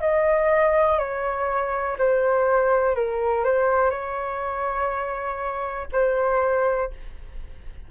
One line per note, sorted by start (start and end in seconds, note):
0.00 0.98 D#5
0.98 1.97 C#5
1.98 2.95 C5
2.95 3.44 A#4
3.44 3.90 C5
3.90 5.87 C#5
5.92 6.90 C5